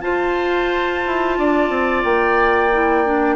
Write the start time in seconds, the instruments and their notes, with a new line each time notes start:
0.00 clarinet F4, bassoon F4, oboe C5, flute A5
1.06 bassoon E4
1.38 bassoon D4, oboe D5
1.69 bassoon C4
2.03 bassoon A#3, flute G5
2.72 clarinet E4
3.05 clarinet D4